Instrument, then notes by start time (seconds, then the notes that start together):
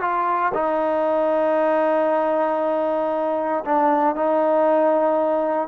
trombone
0.00 F4
0.54 D#4
3.64 D4
4.15 D#4